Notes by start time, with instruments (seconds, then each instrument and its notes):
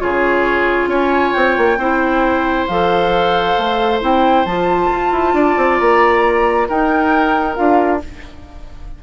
0.00 bassoon C#3, clarinet F4, oboe G#4, flute C#5
0.87 bassoon C#4, oboe C#5, flute G#5
1.34 bassoon C4, flute G5
1.58 bassoon A#3
1.78 bassoon C4, clarinet E4, oboe C5
2.67 bassoon F3, clarinet A4, flute F5
3.58 bassoon A3
4.01 bassoon C4, clarinet E4, flute G5
4.46 bassoon F3, clarinet F4, flute A5
4.92 bassoon F4
5.12 bassoon E4
5.34 bassoon D4, oboe D5
5.57 bassoon C4
5.79 bassoon A#3, flute A#5
6.69 bassoon D#4, clarinet D#4, oboe A#4, flute G5
7.56 bassoon D4, clarinet F4, flute F5